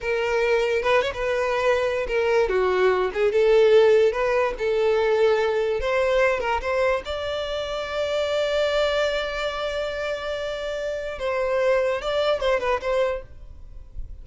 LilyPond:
\new Staff \with { instrumentName = "violin" } { \time 4/4 \tempo 4 = 145 ais'2 b'8 cis''16 b'4~ b'16~ | b'4 ais'4 fis'4. gis'8 | a'2 b'4 a'4~ | a'2 c''4. ais'8 |
c''4 d''2.~ | d''1~ | d''2. c''4~ | c''4 d''4 c''8 b'8 c''4 | }